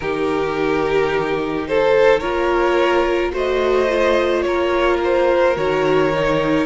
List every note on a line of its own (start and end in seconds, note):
0.00 2.22 D#3
0.00 2.22 D#4
0.00 1.68 G4
0.00 1.66 A#4
1.67 2.20 A4
1.67 2.19 C5
2.19 3.33 A#3
2.19 3.32 F4
2.19 3.31 A#4
2.19 3.30 C#5
3.32 4.44 A3
3.32 3.87 F#4
3.32 4.44 C5
3.32 4.42 D#5
3.88 5.55 F4
4.42 5.55 A#3
4.42 6.65 A#4
4.42 4.97 C#5
5.03 5.56 C5
5.56 6.65 D#3
5.56 6.11 F#4
5.56 6.65 C#5
6.14 6.65 D#4